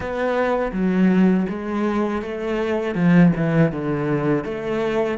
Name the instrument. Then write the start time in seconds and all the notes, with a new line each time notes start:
cello
0.00 B3
0.72 F#3
1.49 G#3
2.22 A3
2.95 F3
3.36 E3
3.72 D3
4.44 A3